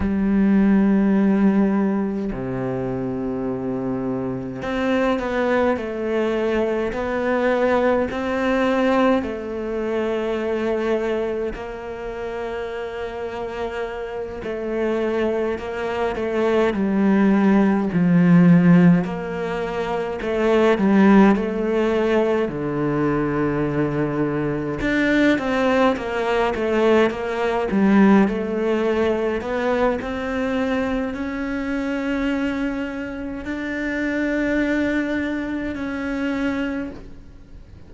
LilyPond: \new Staff \with { instrumentName = "cello" } { \time 4/4 \tempo 4 = 52 g2 c2 | c'8 b8 a4 b4 c'4 | a2 ais2~ | ais8 a4 ais8 a8 g4 f8~ |
f8 ais4 a8 g8 a4 d8~ | d4. d'8 c'8 ais8 a8 ais8 | g8 a4 b8 c'4 cis'4~ | cis'4 d'2 cis'4 | }